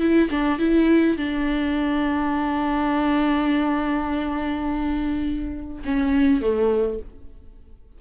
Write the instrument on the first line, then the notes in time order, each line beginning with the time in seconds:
viola
0.00 E4
0.30 D4
0.59 E4
1.17 D4
5.85 C#4
6.41 A3